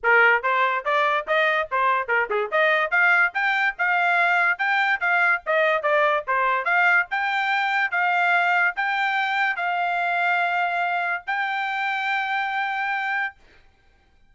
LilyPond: \new Staff \with { instrumentName = "trumpet" } { \time 4/4 \tempo 4 = 144 ais'4 c''4 d''4 dis''4 | c''4 ais'8 gis'8 dis''4 f''4 | g''4 f''2 g''4 | f''4 dis''4 d''4 c''4 |
f''4 g''2 f''4~ | f''4 g''2 f''4~ | f''2. g''4~ | g''1 | }